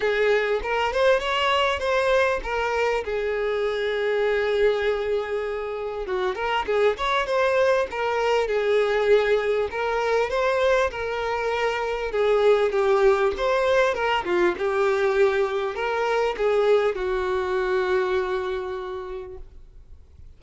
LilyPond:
\new Staff \with { instrumentName = "violin" } { \time 4/4 \tempo 4 = 99 gis'4 ais'8 c''8 cis''4 c''4 | ais'4 gis'2.~ | gis'2 fis'8 ais'8 gis'8 cis''8 | c''4 ais'4 gis'2 |
ais'4 c''4 ais'2 | gis'4 g'4 c''4 ais'8 f'8 | g'2 ais'4 gis'4 | fis'1 | }